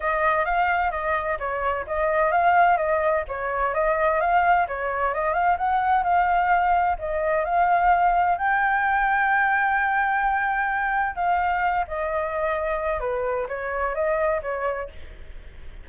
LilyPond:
\new Staff \with { instrumentName = "flute" } { \time 4/4 \tempo 4 = 129 dis''4 f''4 dis''4 cis''4 | dis''4 f''4 dis''4 cis''4 | dis''4 f''4 cis''4 dis''8 f''8 | fis''4 f''2 dis''4 |
f''2 g''2~ | g''1 | f''4. dis''2~ dis''8 | b'4 cis''4 dis''4 cis''4 | }